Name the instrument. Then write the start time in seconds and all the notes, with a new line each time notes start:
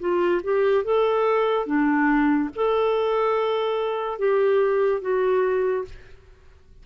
clarinet
0.00 F4
0.44 G4
0.84 A4
1.67 D4
2.56 A4
4.19 G4
5.02 F#4